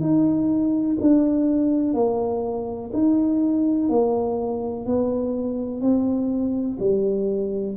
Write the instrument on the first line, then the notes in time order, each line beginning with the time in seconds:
tuba
0.00 D#4
1.00 D4
1.93 A#3
2.93 D#4
3.89 A#3
4.86 B3
5.80 C4
6.79 G3